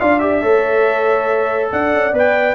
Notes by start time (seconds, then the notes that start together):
0.00 D4 F4 D5 F5
0.19 G4 E5
0.42 A3 A4 C#5
1.72 D4 D5 F#5
1.93 C#4
2.12 B3 B4 G5